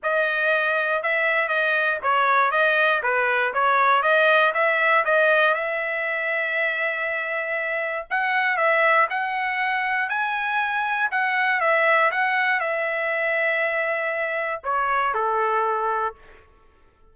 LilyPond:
\new Staff \with { instrumentName = "trumpet" } { \time 4/4 \tempo 4 = 119 dis''2 e''4 dis''4 | cis''4 dis''4 b'4 cis''4 | dis''4 e''4 dis''4 e''4~ | e''1 |
fis''4 e''4 fis''2 | gis''2 fis''4 e''4 | fis''4 e''2.~ | e''4 cis''4 a'2 | }